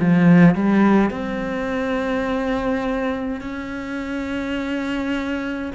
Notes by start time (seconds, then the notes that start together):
0.00 F3
0.55 G3
1.11 C4
3.41 C#4